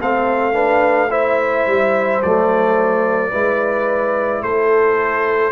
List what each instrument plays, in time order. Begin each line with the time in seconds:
0.00 tuba A3, trombone C4, horn A4, trumpet F5
0.53 trombone D4, horn B4
1.10 trombone E4, horn C5, trumpet E5
1.67 tuba G3
2.23 tuba F#3, trombone A3, trumpet D5
3.31 tuba G#3, trombone E4, horn B4
4.42 tuba A3, horn A4, trumpet C5